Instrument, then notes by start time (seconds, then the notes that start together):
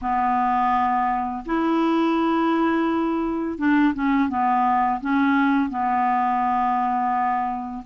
clarinet
0.01 B3
1.45 E4
3.57 D4
3.94 C#4
4.29 B3
5.00 C#4
5.69 B3